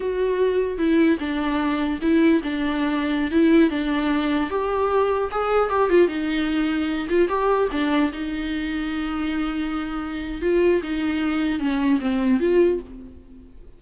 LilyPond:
\new Staff \with { instrumentName = "viola" } { \time 4/4 \tempo 4 = 150 fis'2 e'4 d'4~ | d'4 e'4 d'2~ | d'16 e'4 d'2 g'8.~ | g'4~ g'16 gis'4 g'8 f'8 dis'8.~ |
dis'4.~ dis'16 f'8 g'4 d'8.~ | d'16 dis'2.~ dis'8.~ | dis'2 f'4 dis'4~ | dis'4 cis'4 c'4 f'4 | }